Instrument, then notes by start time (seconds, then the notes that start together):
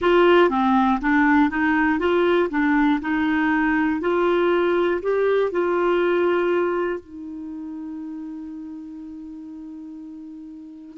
clarinet
0.00 F4
0.49 C4
1.00 D4
1.50 D#4
1.99 F4
2.50 D4
3.01 D#4
4.00 F4
5.02 G4
5.51 F4
7.00 D#4